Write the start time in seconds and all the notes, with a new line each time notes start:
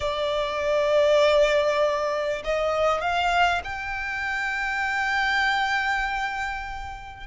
0.00 D5
2.44 D#5
3.01 F5
3.64 G5